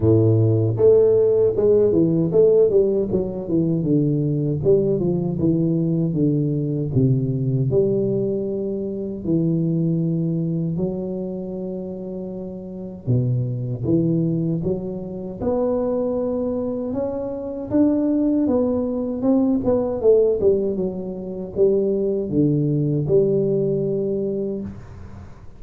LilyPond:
\new Staff \with { instrumentName = "tuba" } { \time 4/4 \tempo 4 = 78 a,4 a4 gis8 e8 a8 g8 | fis8 e8 d4 g8 f8 e4 | d4 c4 g2 | e2 fis2~ |
fis4 b,4 e4 fis4 | b2 cis'4 d'4 | b4 c'8 b8 a8 g8 fis4 | g4 d4 g2 | }